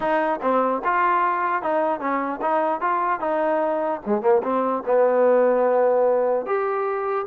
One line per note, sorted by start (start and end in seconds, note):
0.00 0.39 D#4
0.41 0.82 C4
0.84 1.62 F4
1.62 1.99 D#4
1.99 2.40 C#4
2.41 2.80 D#4
2.80 3.20 F4
3.20 4.00 D#4
4.05 4.21 G#3
4.21 4.41 A#3
4.42 4.83 C4
4.85 6.46 B3
6.46 7.26 G4